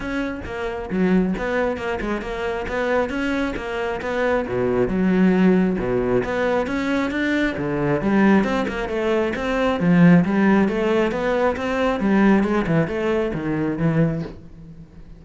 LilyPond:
\new Staff \with { instrumentName = "cello" } { \time 4/4 \tempo 4 = 135 cis'4 ais4 fis4 b4 | ais8 gis8 ais4 b4 cis'4 | ais4 b4 b,4 fis4~ | fis4 b,4 b4 cis'4 |
d'4 d4 g4 c'8 ais8 | a4 c'4 f4 g4 | a4 b4 c'4 g4 | gis8 e8 a4 dis4 e4 | }